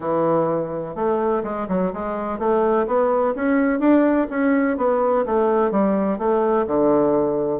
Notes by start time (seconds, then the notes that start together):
0.00 E3
0.95 A3
1.43 G#3
1.68 F#3
1.93 G#3
2.38 A3
2.86 B3
3.35 C#4
3.79 D4
4.30 C#4
4.77 B3
5.25 A3
5.71 G3
6.18 A3
6.67 D3